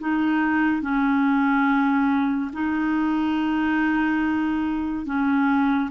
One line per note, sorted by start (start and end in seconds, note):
0.00 0.82 D#4
0.82 2.51 C#4
2.53 5.06 D#4
5.06 5.91 C#4